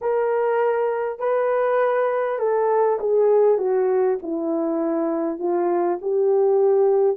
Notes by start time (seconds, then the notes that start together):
0.01 A#4
1.19 B4
2.38 A4
2.99 G#4
3.58 F#4
4.22 E4
5.38 F4
6.01 G4